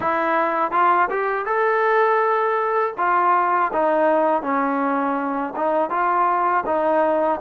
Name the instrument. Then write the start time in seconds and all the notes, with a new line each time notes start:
trombone
0.00 E4
0.71 F4
1.10 G4
1.45 A4
2.97 F4
3.72 D#4
4.42 C#4
5.56 D#4
5.90 F4
6.66 D#4